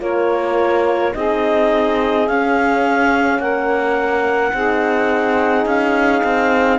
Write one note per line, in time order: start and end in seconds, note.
0.00 1.14 A#3
0.00 1.13 F4
0.00 1.14 A#4
0.00 1.15 C#5
1.15 2.29 C4
1.15 2.29 D#4
1.15 3.40 G#4
1.15 2.28 D#5
2.28 3.39 C#4
2.28 4.56 C#4
2.28 3.40 F5
3.39 4.52 A#3
3.39 4.54 A#4
3.39 5.67 F#5
4.54 5.66 C4
4.54 6.79 D#4
4.54 6.79 G#4
5.66 6.22 C#4
5.66 6.79 F5
6.24 6.79 C4